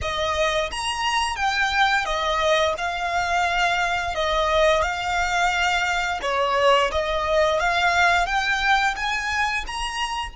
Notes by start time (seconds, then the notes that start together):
0.01 D#5
0.71 A#5
1.36 G5
2.05 D#5
2.77 F5
4.14 D#5
4.82 F5
6.22 C#5
6.91 D#5
7.59 F5
8.25 G5
8.96 G#5
9.66 A#5